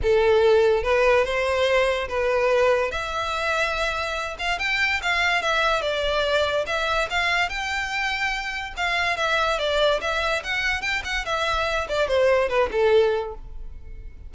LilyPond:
\new Staff \with { instrumentName = "violin" } { \time 4/4 \tempo 4 = 144 a'2 b'4 c''4~ | c''4 b'2 e''4~ | e''2~ e''8 f''8 g''4 | f''4 e''4 d''2 |
e''4 f''4 g''2~ | g''4 f''4 e''4 d''4 | e''4 fis''4 g''8 fis''8 e''4~ | e''8 d''8 c''4 b'8 a'4. | }